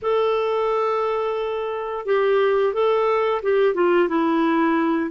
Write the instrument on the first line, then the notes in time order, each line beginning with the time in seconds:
clarinet
0.02 A4
2.05 G4
2.73 A4
3.42 G4
3.74 F4
4.08 E4